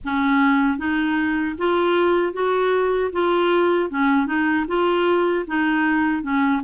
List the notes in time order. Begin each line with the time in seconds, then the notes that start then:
0.04 C#4
0.78 D#4
1.58 F4
2.33 F#4
3.12 F4
3.90 C#4
4.26 D#4
4.67 F4
5.47 D#4
6.22 C#4